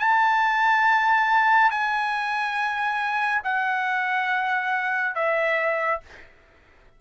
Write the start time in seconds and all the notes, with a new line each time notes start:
0.00 A5
1.71 G#5
3.44 F#5
5.15 E5